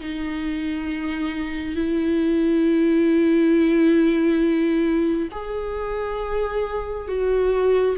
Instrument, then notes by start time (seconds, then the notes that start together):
viola
0.00 D#4
1.75 E4
5.31 G#4
7.08 F#4